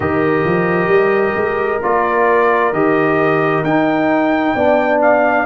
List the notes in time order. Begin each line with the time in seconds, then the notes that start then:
0.00 D#3 G4 A#4 D#5
0.44 F3
0.88 G3
1.35 G#3
1.82 A#3 F4 D5
2.73 D#3 G4 D#5
3.63 D#4 G5
4.55 B3 D4 D5
5.01 F5